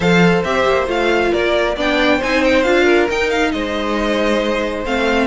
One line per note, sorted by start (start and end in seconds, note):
0.00 0.42 F3
0.00 0.44 A4
0.00 1.31 C5
0.00 0.43 F5
0.43 0.65 C4
0.43 0.86 G4
0.43 0.87 E5
0.66 0.87 A#3
0.86 1.31 A3
0.86 1.74 F4
0.86 1.33 F5
1.31 1.76 A#3
1.31 1.75 A#4
1.31 1.77 D5
1.75 2.20 B3
1.75 2.21 D4
1.75 2.17 D5
1.75 2.22 G5
2.17 2.65 C4
2.17 2.64 D#4
2.17 2.83 C5
2.17 2.44 G#5
2.44 2.63 G5
2.63 3.09 D4
2.63 3.08 F4
2.63 3.07 F5
2.83 3.49 A#4
3.10 3.54 D#4
3.10 4.85 D#4
3.10 3.30 G5
3.30 3.51 F5
3.51 4.85 G#3
3.51 5.27 C5
3.51 4.84 D#5
4.85 5.27 A3
4.85 5.27 C4
4.85 5.27 F5